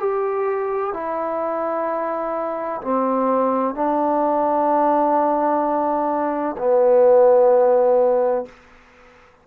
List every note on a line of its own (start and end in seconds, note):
0.00 0.94 G4
0.94 2.81 E4
2.82 3.75 C4
3.75 6.56 D4
6.58 8.46 B3